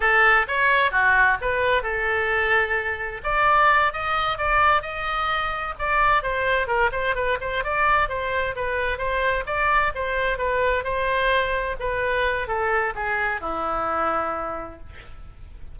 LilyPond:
\new Staff \with { instrumentName = "oboe" } { \time 4/4 \tempo 4 = 130 a'4 cis''4 fis'4 b'4 | a'2. d''4~ | d''8 dis''4 d''4 dis''4.~ | dis''8 d''4 c''4 ais'8 c''8 b'8 |
c''8 d''4 c''4 b'4 c''8~ | c''8 d''4 c''4 b'4 c''8~ | c''4. b'4. a'4 | gis'4 e'2. | }